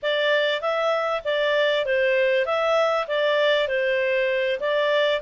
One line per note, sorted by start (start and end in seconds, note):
0.02 0.61 D5
0.61 1.22 E5
1.24 1.85 D5
1.85 2.45 C5
2.45 3.06 E5
3.08 3.67 D5
3.67 4.59 C5
4.59 5.21 D5